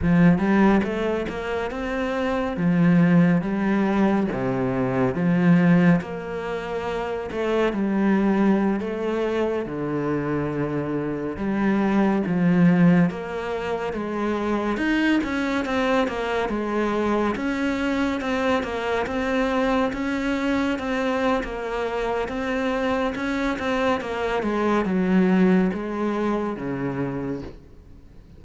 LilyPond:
\new Staff \with { instrumentName = "cello" } { \time 4/4 \tempo 4 = 70 f8 g8 a8 ais8 c'4 f4 | g4 c4 f4 ais4~ | ais8 a8 g4~ g16 a4 d8.~ | d4~ d16 g4 f4 ais8.~ |
ais16 gis4 dis'8 cis'8 c'8 ais8 gis8.~ | gis16 cis'4 c'8 ais8 c'4 cis'8.~ | cis'16 c'8. ais4 c'4 cis'8 c'8 | ais8 gis8 fis4 gis4 cis4 | }